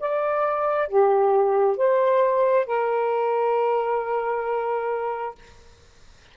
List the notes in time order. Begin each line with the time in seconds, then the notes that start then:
0.00 D5
0.88 G4
1.77 C5
2.67 A#4